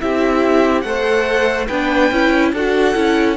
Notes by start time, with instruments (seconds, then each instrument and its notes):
0.00 cello C4, viola E4, violin G4 E5
0.81 cello A3, viola A4, violin C5 F#5
1.67 cello B3, viola D4, violin B4 G5
2.11 cello C#4, viola E4
2.53 cello D4, viola F#4, violin A4 F#5
2.95 cello C#4, viola E4